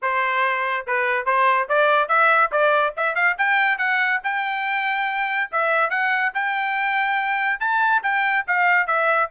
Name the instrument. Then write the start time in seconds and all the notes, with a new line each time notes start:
trumpet
0.02 C5
0.86 B4
1.25 C5
1.68 D5
2.08 E5
2.51 D5
2.96 E5
3.15 F5
3.37 G5
3.78 F#5
4.23 G5
5.51 E5
5.90 F#5
6.34 G5
7.60 A5
8.02 G5
8.47 F5
8.86 E5